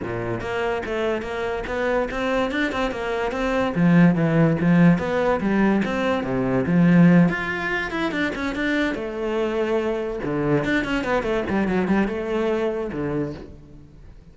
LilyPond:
\new Staff \with { instrumentName = "cello" } { \time 4/4 \tempo 4 = 144 ais,4 ais4 a4 ais4 | b4 c'4 d'8 c'8 ais4 | c'4 f4 e4 f4 | b4 g4 c'4 c4 |
f4. f'4. e'8 d'8 | cis'8 d'4 a2~ a8~ | a8 d4 d'8 cis'8 b8 a8 g8 | fis8 g8 a2 d4 | }